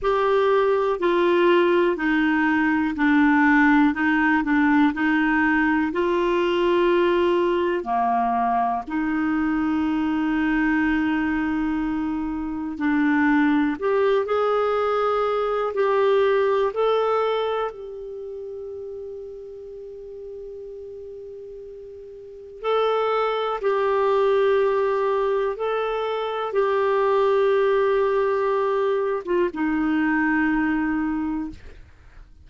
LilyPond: \new Staff \with { instrumentName = "clarinet" } { \time 4/4 \tempo 4 = 61 g'4 f'4 dis'4 d'4 | dis'8 d'8 dis'4 f'2 | ais4 dis'2.~ | dis'4 d'4 g'8 gis'4. |
g'4 a'4 g'2~ | g'2. a'4 | g'2 a'4 g'4~ | g'4.~ g'16 f'16 dis'2 | }